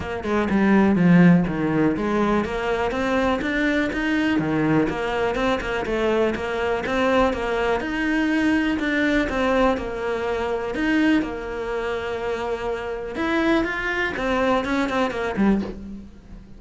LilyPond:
\new Staff \with { instrumentName = "cello" } { \time 4/4 \tempo 4 = 123 ais8 gis8 g4 f4 dis4 | gis4 ais4 c'4 d'4 | dis'4 dis4 ais4 c'8 ais8 | a4 ais4 c'4 ais4 |
dis'2 d'4 c'4 | ais2 dis'4 ais4~ | ais2. e'4 | f'4 c'4 cis'8 c'8 ais8 g8 | }